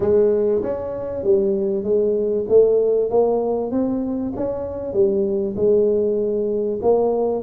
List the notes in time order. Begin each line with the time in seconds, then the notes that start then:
0.00 G#3
0.62 C#4
1.23 G3
1.83 G#3
2.49 A3
3.10 A#3
3.71 C4
4.36 C#4
4.93 G3
5.56 G#3
6.82 A#3